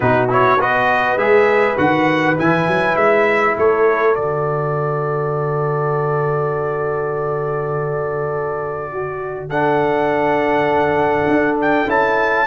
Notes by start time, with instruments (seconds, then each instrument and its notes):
0.00 tuba B2, trombone D#4, horn F#4, trumpet B4
0.28 trombone E4, trumpet C#5
0.58 tuba B3, trombone F#4, horn B4, trumpet D#5
1.16 tuba G#3, trombone G#4, trumpet E5
1.77 tuba D#3, trombone F#4, trumpet F#5
2.37 tuba E3, trombone E4, trumpet G#5
2.67 tuba F#3
2.95 tuba G#3, trumpet E5
3.57 tuba A3, horn A4, trumpet C#5
4.15 tuba D3, trombone F#4, trumpet D5
8.91 horn F#4
9.49 trombone D4, horn A4, trumpet F#5
11.27 tuba D4
11.61 trumpet G5
11.87 tuba C#4, trombone E4, trumpet A5